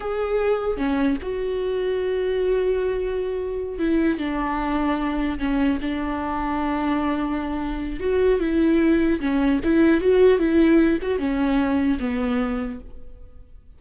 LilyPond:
\new Staff \with { instrumentName = "viola" } { \time 4/4 \tempo 4 = 150 gis'2 cis'4 fis'4~ | fis'1~ | fis'4. e'4 d'4.~ | d'4. cis'4 d'4.~ |
d'1 | fis'4 e'2 cis'4 | e'4 fis'4 e'4. fis'8 | cis'2 b2 | }